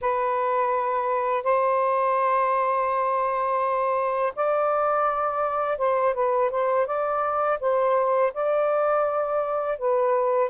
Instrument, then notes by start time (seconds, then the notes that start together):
saxophone
0.01 B4
1.43 C5
4.35 D5
5.78 C5
6.14 B4
6.50 C5
6.86 D5
7.60 C5
8.33 D5
9.78 B4